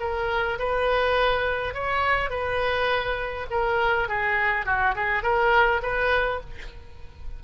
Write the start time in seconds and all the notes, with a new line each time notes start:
0.00 A#4
0.59 B4
1.74 C#5
2.30 B4
3.50 A#4
4.08 G#4
4.65 F#4
4.95 G#4
5.22 A#4
5.82 B4